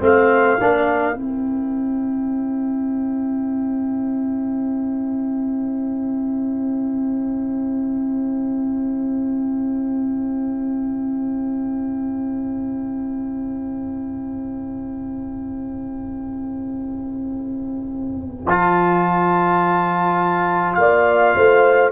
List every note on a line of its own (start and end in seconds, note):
0.00 0.58 A3
0.00 0.58 C4
0.00 20.78 C5
0.00 1.18 F5
0.60 1.14 A#3
0.60 1.13 D4
1.13 18.45 C4
1.13 18.44 E4
1.13 18.49 G5
18.45 20.76 F3
18.45 21.92 F4
18.45 20.74 A5
20.74 21.35 A#3
20.74 21.35 D5
20.74 21.90 F5
21.35 21.92 A3
21.35 21.92 C5